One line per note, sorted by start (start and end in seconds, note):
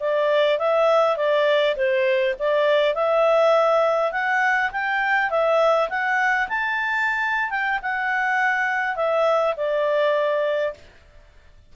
0.00 0.59 D5
0.59 1.17 E5
1.17 1.75 D5
1.76 2.35 C5
2.39 2.95 D5
2.95 4.12 E5
4.12 4.71 F#5
4.72 5.30 G5
5.30 5.89 E5
5.90 6.48 F#5
6.49 7.50 A5
7.50 7.80 G5
7.82 8.96 F#5
8.96 9.55 E5
9.57 10.74 D5